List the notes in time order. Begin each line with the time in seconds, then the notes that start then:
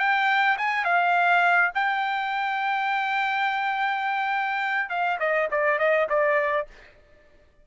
0.00 G5
0.58 G#5
0.85 F5
1.75 G5
4.90 F5
5.20 D#5
5.51 D5
5.79 D#5
6.10 D5